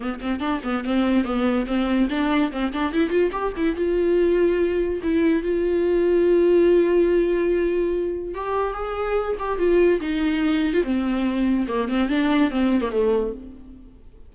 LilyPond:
\new Staff \with { instrumentName = "viola" } { \time 4/4 \tempo 4 = 144 b8 c'8 d'8 b8 c'4 b4 | c'4 d'4 c'8 d'8 e'8 f'8 | g'8 e'8 f'2. | e'4 f'2.~ |
f'1 | g'4 gis'4. g'8 f'4 | dis'4.~ dis'16 f'16 c'2 | ais8 c'8 d'4 c'8. ais16 a4 | }